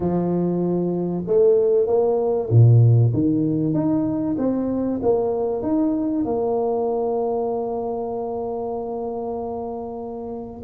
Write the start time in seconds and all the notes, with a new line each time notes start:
0.00 F3
1.26 A3
1.87 A#3
2.50 A#2
3.13 D#3
3.74 D#4
4.38 C4
5.02 A#3
5.62 D#4
6.24 A#3